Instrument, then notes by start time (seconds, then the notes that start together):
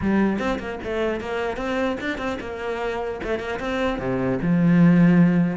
cello
0.01 G3
0.38 C4
0.59 A#3
0.83 A3
1.20 A#3
1.57 C4
2.00 D4
2.18 C4
2.40 A#3
3.23 A3
3.39 A#3
3.59 C4
3.99 C3
4.42 F3